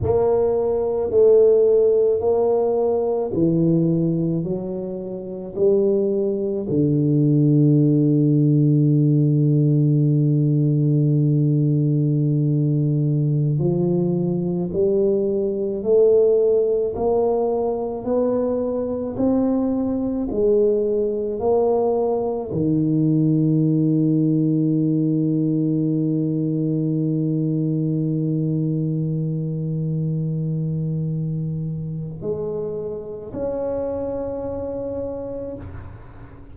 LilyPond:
\new Staff \with { instrumentName = "tuba" } { \time 4/4 \tempo 4 = 54 ais4 a4 ais4 e4 | fis4 g4 d2~ | d1~ | d16 f4 g4 a4 ais8.~ |
ais16 b4 c'4 gis4 ais8.~ | ais16 dis2.~ dis8.~ | dis1~ | dis4 gis4 cis'2 | }